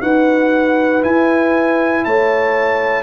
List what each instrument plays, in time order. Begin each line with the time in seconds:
0.00 tuba D#4, trombone F#4, horn B4, trumpet F#5
1.01 trombone E4, tuba E4, trumpet G#5
2.04 tuba A3, horn C#5, trumpet A5